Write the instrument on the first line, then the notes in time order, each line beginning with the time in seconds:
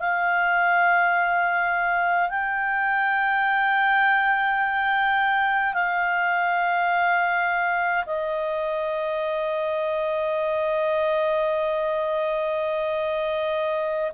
clarinet
0.00 F5
2.30 G5
5.74 F5
8.06 D#5